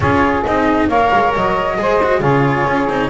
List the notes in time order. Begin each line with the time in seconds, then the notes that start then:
0.00 C#4 F4 G#4 C#5
0.44 C4 D#4 D#5
0.88 A#3 A#4 C#5 F5
1.13 G#3
1.35 F#3 D#5
1.77 G#3 G#4 C5
2.03 F#4
2.20 C#3 F4 G#4 C#5
2.66 C#4
2.87 C4 D#4